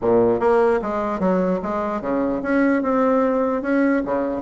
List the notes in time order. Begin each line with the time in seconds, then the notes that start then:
0.01 A#2
0.39 A#3
0.82 G#3
1.19 F#3
1.62 G#3
2.01 C#3
2.42 C#4
2.82 C4
3.62 C#4
4.05 C#3